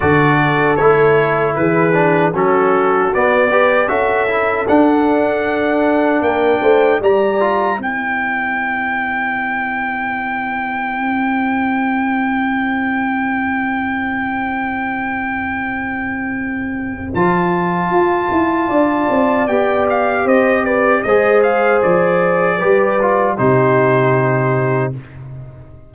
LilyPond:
<<
  \new Staff \with { instrumentName = "trumpet" } { \time 4/4 \tempo 4 = 77 d''4 cis''4 b'4 a'4 | d''4 e''4 fis''2 | g''4 ais''4 g''2~ | g''1~ |
g''1~ | g''2 a''2~ | a''4 g''8 f''8 dis''8 d''8 dis''8 f''8 | d''2 c''2 | }
  \new Staff \with { instrumentName = "horn" } { \time 4/4 a'2 gis'4 fis'4~ | fis'8 b'8 a'2. | ais'8 c''8 d''4 c''2~ | c''1~ |
c''1~ | c''1 | d''2 c''8 b'8 c''4~ | c''4 b'4 g'2 | }
  \new Staff \with { instrumentName = "trombone" } { \time 4/4 fis'4 e'4. d'8 cis'4 | b8 g'8 fis'8 e'8 d'2~ | d'4 g'8 f'8 e'2~ | e'1~ |
e'1~ | e'2 f'2~ | f'4 g'2 gis'4~ | gis'4 g'8 f'8 dis'2 | }
  \new Staff \with { instrumentName = "tuba" } { \time 4/4 d4 a4 e4 fis4 | b4 cis'4 d'2 | ais8 a8 g4 c'2~ | c'1~ |
c'1~ | c'2 f4 f'8 e'8 | d'8 c'8 b4 c'4 gis4 | f4 g4 c2 | }
>>